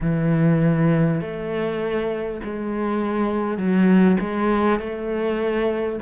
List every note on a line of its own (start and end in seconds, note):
0.00 1.20 E3
1.20 2.40 A3
2.43 3.57 G#3
3.57 4.17 F#3
4.20 4.79 G#3
4.79 5.99 A3